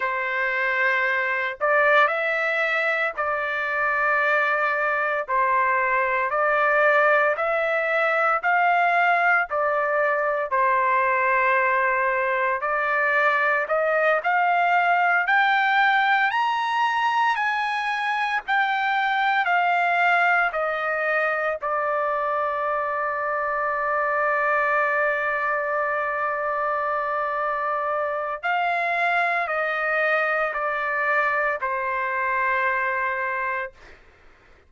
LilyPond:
\new Staff \with { instrumentName = "trumpet" } { \time 4/4 \tempo 4 = 57 c''4. d''8 e''4 d''4~ | d''4 c''4 d''4 e''4 | f''4 d''4 c''2 | d''4 dis''8 f''4 g''4 ais''8~ |
ais''8 gis''4 g''4 f''4 dis''8~ | dis''8 d''2.~ d''8~ | d''2. f''4 | dis''4 d''4 c''2 | }